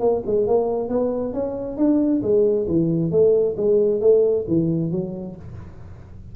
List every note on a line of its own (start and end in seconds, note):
0.00 0.22 A#3
0.26 0.47 G#3
0.47 0.89 A#3
0.89 1.33 B3
1.33 1.77 C#4
1.77 2.22 D4
2.22 2.67 G#3
2.67 3.11 E3
3.11 3.56 A3
3.57 4.01 G#3
4.01 4.45 A3
4.48 4.91 E3
4.91 5.36 F#3